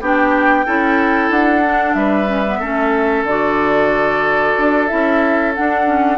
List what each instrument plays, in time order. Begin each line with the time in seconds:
0.00 bassoon B3, clarinet D4, oboe G4, flute G5
0.65 bassoon C#4, clarinet E4, oboe A4
1.29 bassoon D4, flute F#5
1.63 clarinet D4
1.93 bassoon G3, oboe B4, flute E5
2.27 clarinet C#4
2.46 clarinet B3
2.59 bassoon A3, clarinet C#4, oboe A4
3.23 bassoon D3, clarinet F#4, flute D5
4.57 bassoon D4
4.87 bassoon C#4, clarinet E4, flute E5
5.54 clarinet D4, bassoon D4, flute F#5
5.85 clarinet C#4